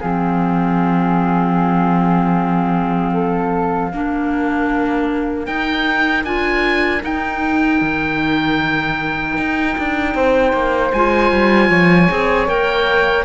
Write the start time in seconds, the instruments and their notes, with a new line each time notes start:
0.00 cello F3, clarinet C4, flute G#4, oboe F5
3.13 flute A4
3.88 cello A#3, clarinet D4, flute A#4
5.46 clarinet D#4, cello D#4, oboe G5
6.23 cello D4, clarinet F4, oboe G#5
7.00 clarinet D#4, cello D#4, oboe G5
7.81 cello D#3
9.37 cello D#4
9.78 cello D4
10.14 cello C4, flute C5
10.53 cello A#3
10.93 cello G#3, clarinet F4, oboe G#5
11.31 cello G3
11.69 cello F3, flute C#5
12.09 cello C4, clarinet G#4
12.47 cello A#3, clarinet A#4, oboe G5